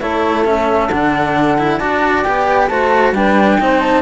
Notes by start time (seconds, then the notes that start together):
0.00 A3 E4 A4 C#5
0.45 C#4 E5
0.90 D3 D4 F#5
1.58 E4
1.78 D4 F#4 D5 A5
2.23 B3 G4 G5
2.68 A3 F#4 C5 A5
3.13 G3 D4 B4 G5
3.60 C4 D#4 C5
3.80 A5